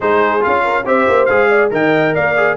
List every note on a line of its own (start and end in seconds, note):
0.00 0.44 G#3
0.00 0.40 D#4
0.00 0.62 G#4
0.00 0.43 C5
0.40 0.85 C#4
0.40 0.83 F4
0.40 0.86 F5
0.64 0.85 A#4
0.85 1.07 C4
0.85 1.28 G4
0.85 1.49 C5
0.85 1.25 E5
1.07 1.28 A#3
1.25 1.71 G#3
1.25 1.70 G#4
1.25 1.68 F5
1.49 1.71 D5
1.70 2.14 D#3
1.70 2.34 A#4
1.70 2.14 D#5
1.70 2.14 G5
2.14 2.57 A#3
2.14 2.57 D5
2.14 2.57 F5
2.36 2.57 G#4